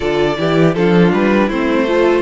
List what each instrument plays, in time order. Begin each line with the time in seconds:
0.00 cello D3, viola F4, violin A4 D5
0.36 cello E3, viola E4, violin G4
0.74 cello F3, viola D4, violin F4 A4
1.12 cello G3, violin B4
1.47 cello A3, viola C4, violin E4 C5
1.87 viola F4, violin A4